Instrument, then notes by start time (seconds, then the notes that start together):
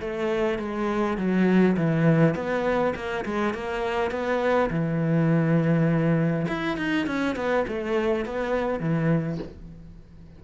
cello
0.00 A3
0.59 G#3
1.17 F#3
1.77 E3
2.35 B3
2.95 A#3
3.25 G#3
3.54 A#3
4.11 B3
4.70 E3
6.48 E4
6.77 D#4
7.06 C#4
7.36 B3
7.68 A3
8.25 B3
8.80 E3